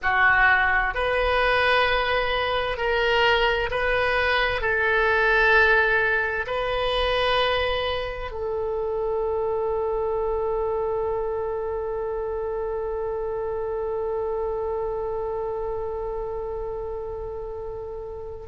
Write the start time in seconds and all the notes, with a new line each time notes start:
0.02 F#4
0.94 B4
2.77 A#4
3.70 B4
4.61 A4
6.46 B4
8.31 A4